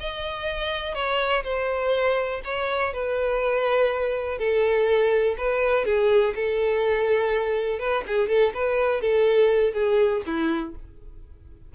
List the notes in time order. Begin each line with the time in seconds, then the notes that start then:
0.00 D#5
0.94 C#5
1.43 C5
2.44 C#5
2.93 B4
4.38 A4
5.37 B4
5.85 G#4
6.35 A4
7.79 B4
8.07 G#4
8.28 A4
8.54 B4
9.01 A4
9.73 G#4
10.26 E4